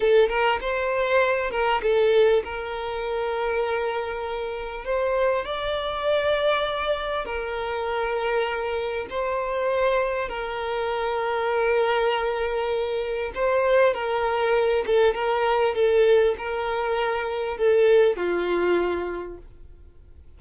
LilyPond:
\new Staff \with { instrumentName = "violin" } { \time 4/4 \tempo 4 = 99 a'8 ais'8 c''4. ais'8 a'4 | ais'1 | c''4 d''2. | ais'2. c''4~ |
c''4 ais'2.~ | ais'2 c''4 ais'4~ | ais'8 a'8 ais'4 a'4 ais'4~ | ais'4 a'4 f'2 | }